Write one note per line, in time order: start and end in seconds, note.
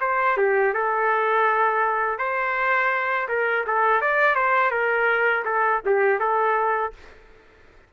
0.00 0.37 C5
0.37 0.73 G4
0.73 2.18 A4
2.18 3.28 C5
3.28 3.65 A#4
3.66 4.01 A4
4.01 4.35 D5
4.35 4.70 C5
4.70 5.43 A#4
5.44 5.81 A4
5.85 6.19 G4
6.19 6.92 A4